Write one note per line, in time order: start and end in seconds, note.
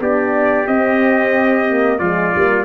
0.00 0.67 B3
0.00 0.67 D4
0.00 1.99 G4
0.00 0.67 D5
0.67 2.00 C4
0.67 1.69 C4
0.67 1.98 D#5
1.69 2.01 A#3
1.98 2.33 F3
1.98 2.34 G#3
1.98 2.65 F4
1.98 2.65 D5
2.35 2.65 G3
2.35 2.65 A#3